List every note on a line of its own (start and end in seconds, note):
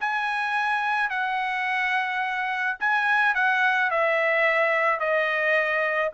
0.00 1.10 G#5
1.10 2.78 F#5
2.80 3.34 G#5
3.34 3.90 F#5
3.90 5.00 E5
5.00 6.12 D#5